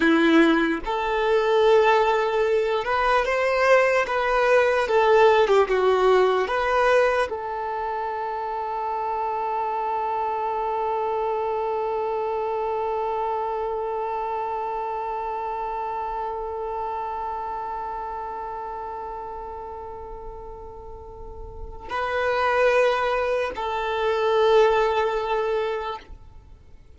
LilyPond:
\new Staff \with { instrumentName = "violin" } { \time 4/4 \tempo 4 = 74 e'4 a'2~ a'8 b'8 | c''4 b'4 a'8. g'16 fis'4 | b'4 a'2.~ | a'1~ |
a'1~ | a'1~ | a'2. b'4~ | b'4 a'2. | }